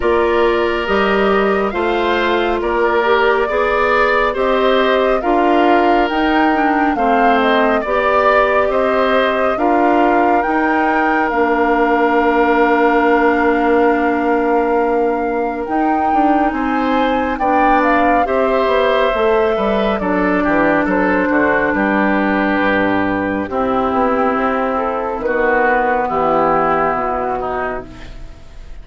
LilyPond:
<<
  \new Staff \with { instrumentName = "flute" } { \time 4/4 \tempo 4 = 69 d''4 dis''4 f''4 d''4~ | d''4 dis''4 f''4 g''4 | f''8 dis''8 d''4 dis''4 f''4 | g''4 f''2.~ |
f''2 g''4 gis''4 | g''8 f''8 e''2 d''4 | c''4 b'2 g'4~ | g'8 a'8 b'4 g'4 fis'4 | }
  \new Staff \with { instrumentName = "oboe" } { \time 4/4 ais'2 c''4 ais'4 | d''4 c''4 ais'2 | c''4 d''4 c''4 ais'4~ | ais'1~ |
ais'2. c''4 | d''4 c''4. b'8 a'8 g'8 | a'8 fis'8 g'2 e'4~ | e'4 fis'4 e'4. dis'8 | }
  \new Staff \with { instrumentName = "clarinet" } { \time 4/4 f'4 g'4 f'4. g'8 | gis'4 g'4 f'4 dis'8 d'8 | c'4 g'2 f'4 | dis'4 d'2.~ |
d'2 dis'2 | d'4 g'4 a'4 d'4~ | d'2. c'4~ | c'4 b2. | }
  \new Staff \with { instrumentName = "bassoon" } { \time 4/4 ais4 g4 a4 ais4 | b4 c'4 d'4 dis'4 | a4 b4 c'4 d'4 | dis'4 ais2.~ |
ais2 dis'8 d'8 c'4 | b4 c'8 b8 a8 g8 fis8 e8 | fis8 d8 g4 g,4 c'8 b8 | c'4 dis4 e4 b,4 | }
>>